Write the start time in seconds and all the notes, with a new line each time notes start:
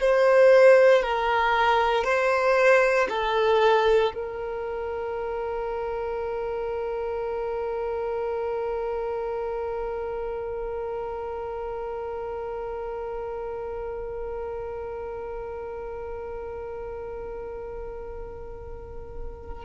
0.00 C5
1.03 A#4
2.04 C5
3.09 A4
4.14 A#4